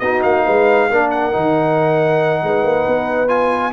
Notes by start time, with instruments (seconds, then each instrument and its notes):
0.00 tuba B3, trombone D#4, horn F#4, trumpet D#5
0.23 tuba A#3, trumpet F5
0.45 tuba G#3, horn B4
0.90 tuba A#3, trombone D4, horn A#4
1.11 trumpet F#5
1.32 tuba D#3, trombone D#4
2.43 tuba G#3, horn B4
2.64 tuba A#3
2.88 tuba B3
3.28 trombone F4, trumpet G#5